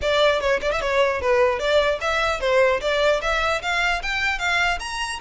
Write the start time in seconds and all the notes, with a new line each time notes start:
0.01 D5
0.40 C#5
0.61 D5
0.71 E5
0.81 C#5
1.21 B4
1.59 D5
2.00 E5
2.40 C5
2.81 D5
3.21 E5
3.62 F5
4.02 G5
4.39 F5
4.79 A#5